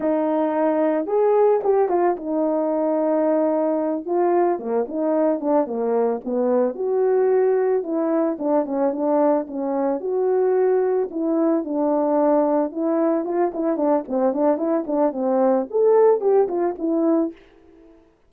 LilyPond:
\new Staff \with { instrumentName = "horn" } { \time 4/4 \tempo 4 = 111 dis'2 gis'4 g'8 f'8 | dis'2.~ dis'8 f'8~ | f'8 ais8 dis'4 d'8 ais4 b8~ | b8 fis'2 e'4 d'8 |
cis'8 d'4 cis'4 fis'4.~ | fis'8 e'4 d'2 e'8~ | e'8 f'8 e'8 d'8 c'8 d'8 e'8 d'8 | c'4 a'4 g'8 f'8 e'4 | }